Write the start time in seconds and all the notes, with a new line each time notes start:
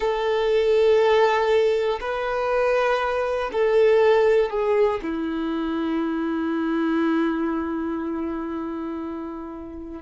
0.00 A4
2.00 B4
3.52 A4
4.50 G#4
5.02 E4